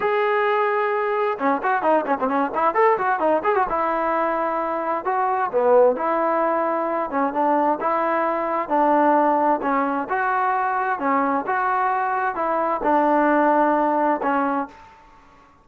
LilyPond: \new Staff \with { instrumentName = "trombone" } { \time 4/4 \tempo 4 = 131 gis'2. cis'8 fis'8 | dis'8 cis'16 c'16 cis'8 e'8 a'8 fis'8 dis'8 gis'16 fis'16 | e'2. fis'4 | b4 e'2~ e'8 cis'8 |
d'4 e'2 d'4~ | d'4 cis'4 fis'2 | cis'4 fis'2 e'4 | d'2. cis'4 | }